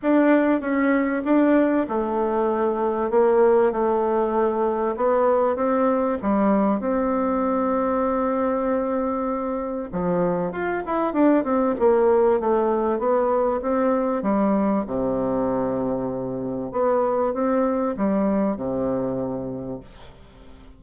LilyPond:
\new Staff \with { instrumentName = "bassoon" } { \time 4/4 \tempo 4 = 97 d'4 cis'4 d'4 a4~ | a4 ais4 a2 | b4 c'4 g4 c'4~ | c'1 |
f4 f'8 e'8 d'8 c'8 ais4 | a4 b4 c'4 g4 | c2. b4 | c'4 g4 c2 | }